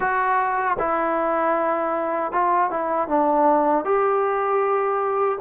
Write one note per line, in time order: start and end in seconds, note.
0.00 0.77 F#4
0.78 2.32 E4
2.32 2.70 F4
2.70 3.08 E4
3.08 3.84 D4
3.84 5.38 G4